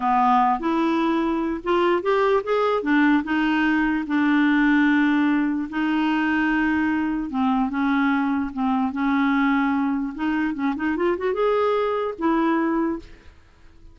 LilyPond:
\new Staff \with { instrumentName = "clarinet" } { \time 4/4 \tempo 4 = 148 b4. e'2~ e'8 | f'4 g'4 gis'4 d'4 | dis'2 d'2~ | d'2 dis'2~ |
dis'2 c'4 cis'4~ | cis'4 c'4 cis'2~ | cis'4 dis'4 cis'8 dis'8 f'8 fis'8 | gis'2 e'2 | }